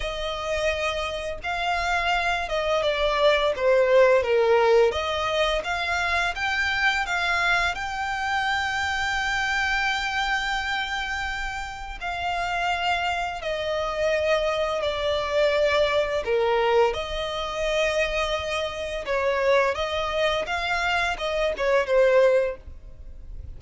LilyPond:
\new Staff \with { instrumentName = "violin" } { \time 4/4 \tempo 4 = 85 dis''2 f''4. dis''8 | d''4 c''4 ais'4 dis''4 | f''4 g''4 f''4 g''4~ | g''1~ |
g''4 f''2 dis''4~ | dis''4 d''2 ais'4 | dis''2. cis''4 | dis''4 f''4 dis''8 cis''8 c''4 | }